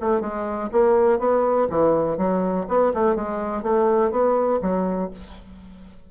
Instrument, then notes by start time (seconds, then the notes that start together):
bassoon
0.00 A3
0.21 G#3
0.72 A#3
1.19 B3
1.70 E3
2.17 F#3
2.68 B3
2.94 A3
3.15 G#3
3.63 A3
4.11 B3
4.62 F#3